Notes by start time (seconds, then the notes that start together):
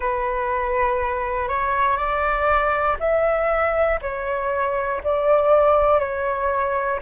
0.00 B4
1.48 C#5
1.96 D5
3.00 E5
4.01 C#5
5.03 D5
5.99 C#5